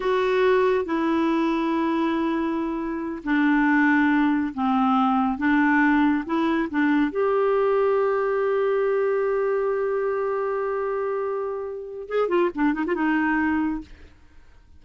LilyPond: \new Staff \with { instrumentName = "clarinet" } { \time 4/4 \tempo 4 = 139 fis'2 e'2~ | e'2.~ e'8 d'8~ | d'2~ d'8 c'4.~ | c'8 d'2 e'4 d'8~ |
d'8 g'2.~ g'8~ | g'1~ | g'1 | gis'8 f'8 d'8 dis'16 f'16 dis'2 | }